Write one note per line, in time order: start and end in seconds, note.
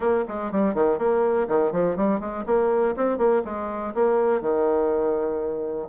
0.00 0.24 A#3
0.27 0.51 G#3
0.51 0.74 G3
0.74 0.98 D#3
0.98 1.47 A#3
1.48 1.72 D#3
1.72 1.96 F3
1.96 2.20 G3
2.20 2.44 G#3
2.46 2.95 A#3
2.96 3.17 C4
3.17 3.42 A#3
3.44 3.93 G#3
3.94 4.41 A#3
4.41 5.88 D#3